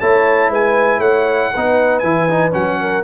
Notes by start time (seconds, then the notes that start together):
0.00 A3 E4 C#5 A5
0.49 G#3 B4 G#5
0.99 A3 C#5 F#5
1.54 B3 D#4 B4
1.99 E3 E4 G#5
2.29 D#4
2.51 F#3 C#4 F#5
2.81 A#4